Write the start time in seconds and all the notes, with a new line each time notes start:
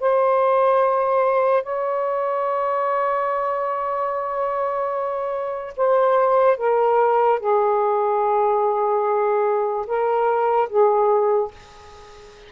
0.00 C5
1.63 C#5
5.77 C5
6.58 A#4
7.40 G#4
9.87 A#4
10.69 G#4